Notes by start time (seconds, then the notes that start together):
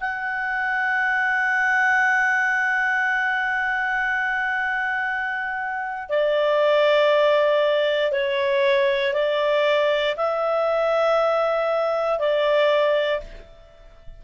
0.00 F#5
6.09 D5
8.12 C#5
9.13 D5
10.16 E5
12.19 D5